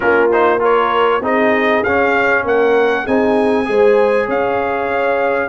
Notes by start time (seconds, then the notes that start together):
0.00 A#3 C#4 F4 A#4
0.31 D#4 C5
0.59 F4 A#4 C#5
1.21 C4 D#4 G#4 D#5
1.83 C#4 F5
2.44 A#3 A#4 F#5
3.04 C4 D#4 G#4 G#5
3.65 G#3 G#4 C5
4.26 C#4 C#5 F5